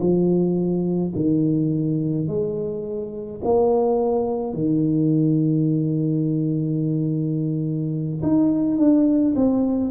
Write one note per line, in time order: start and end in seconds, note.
0.00 1.13 F3
1.15 2.28 D#3
2.28 3.41 G#3
3.44 4.54 A#3
4.54 8.22 D#3
8.23 8.78 D#4
8.78 9.34 D4
9.36 9.91 C4